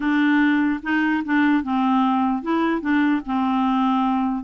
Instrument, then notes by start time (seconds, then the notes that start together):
clarinet
0.00 D4
0.82 D#4
1.24 D4
1.63 C4
2.42 E4
2.81 D4
3.26 C4